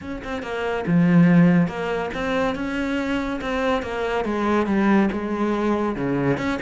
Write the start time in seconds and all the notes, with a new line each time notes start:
0.01 C#4
0.23 C4
0.42 A#3
0.86 F3
1.67 A#3
2.14 C4
2.55 C#4
3.41 C4
3.82 A#3
4.24 G#3
4.66 G3
5.12 G#3
5.95 C#3
6.37 C#4